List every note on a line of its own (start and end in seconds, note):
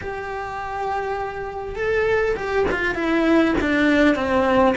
0.01 1.75 G4
1.75 2.35 A4
2.36 2.65 G4
2.71 2.95 F4
2.95 3.54 E4
3.60 4.15 D4
4.15 4.74 C4